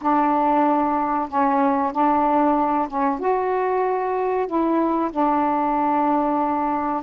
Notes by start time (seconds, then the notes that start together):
0.01 D4
1.28 C#4
1.92 D4
2.88 C#4
3.19 F#4
4.47 E4
5.11 D4